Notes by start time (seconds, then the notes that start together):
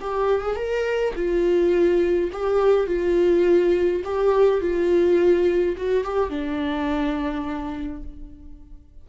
0.00 G4
0.41 G#4
0.56 A#4
1.15 F4
2.32 G4
2.87 F4
4.04 G4
4.60 F4
5.76 F#4
6.04 G4
6.29 D4